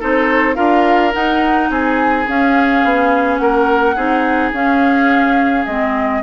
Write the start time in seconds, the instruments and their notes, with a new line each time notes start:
0.00 bassoon C4, clarinet D#4, oboe A4, flute C5
0.55 bassoon D4, clarinet F4, oboe A#4, flute F5
1.12 clarinet D#4, bassoon D#4, flute F#5
1.70 bassoon C4, oboe G#4, flute G#5
2.28 bassoon C#4, clarinet C#4, flute F5
2.83 bassoon B3
3.37 bassoon A#3, oboe A#4, flute F#5
3.95 bassoon C4, clarinet D#4, oboe G#4
4.52 bassoon C#4, clarinet C#4, flute F5
5.66 bassoon G#3, clarinet C4, flute D#5